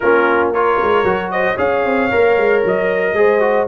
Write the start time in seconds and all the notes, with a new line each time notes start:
0.00 A#3 C#4 F4 A#4
0.52 F4 A#4 C#5
0.81 G#3
1.04 F#3 F#4
1.31 C5 D#5
1.55 C#4 G#4 C#5 F5
1.84 C4
2.11 A#3 A#4
2.37 G#3
2.65 F#3 D#5
3.13 G#3 G#4 C5
3.40 F#4